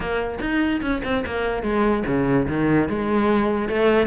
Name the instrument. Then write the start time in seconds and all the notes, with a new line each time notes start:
cello
0.00 A#3
0.40 D#4
0.81 C#4
1.04 C4
1.26 A#3
1.62 G#3
2.06 C#3
2.48 D#3
2.88 G#3
3.68 A3